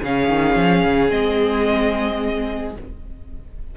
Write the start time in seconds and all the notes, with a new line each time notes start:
0.00 C#3 C#4 G#4 F5
0.28 D#3
0.56 F3
0.84 C#3
1.09 G#3 C4 D#5